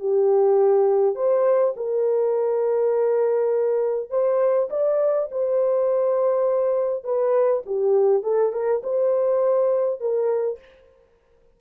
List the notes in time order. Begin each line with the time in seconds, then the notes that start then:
0.00 G4
1.16 C5
1.77 A#4
4.10 C5
4.70 D5
5.32 C5
7.04 B4
7.67 G4
8.23 A4
8.53 A#4
8.83 C5
10.01 A#4